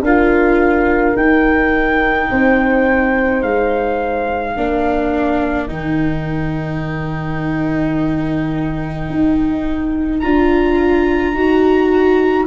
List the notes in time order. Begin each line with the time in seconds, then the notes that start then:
0.00 D4 F4 A#4 F5
1.16 D#4 G5
2.30 C4 C5
3.42 G#3 F5
4.55 A#3 D4 A#4
5.67 D#3 D#4 G5
9.09 D#4
10.19 D4 F4 A#5
11.33 D#4 F#4